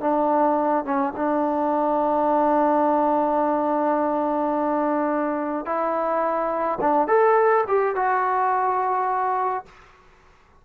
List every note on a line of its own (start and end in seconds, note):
0.00 0.84 D4
0.84 1.13 C#4
1.16 5.65 D4
5.65 6.78 E4
6.80 7.07 D4
7.07 7.64 A4
7.67 7.95 G4
7.95 9.65 F#4